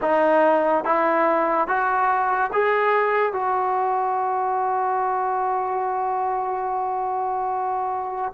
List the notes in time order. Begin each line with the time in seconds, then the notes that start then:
0.01 D#4
0.84 E4
1.67 F#4
2.52 G#4
3.33 F#4